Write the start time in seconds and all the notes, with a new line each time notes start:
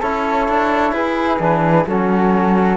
0.00 C#4 E4 A4 C#5
0.48 D4
0.92 E4 G#4 B4
1.39 E3 D4
1.86 F#3 C#4 F#4 A4